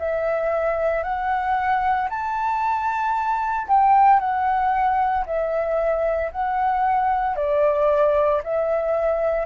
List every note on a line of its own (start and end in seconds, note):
0.00 1.04 E5
1.04 2.09 F#5
2.10 3.68 A5
3.68 4.20 G5
4.20 5.25 F#5
5.26 6.32 E5
6.32 7.37 F#5
7.37 8.42 D5
8.44 9.46 E5